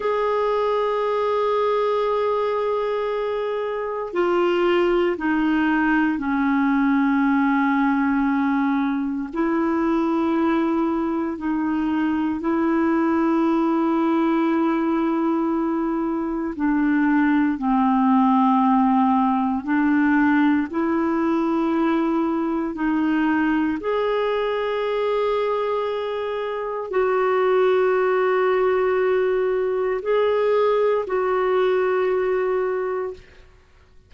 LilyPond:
\new Staff \with { instrumentName = "clarinet" } { \time 4/4 \tempo 4 = 58 gis'1 | f'4 dis'4 cis'2~ | cis'4 e'2 dis'4 | e'1 |
d'4 c'2 d'4 | e'2 dis'4 gis'4~ | gis'2 fis'2~ | fis'4 gis'4 fis'2 | }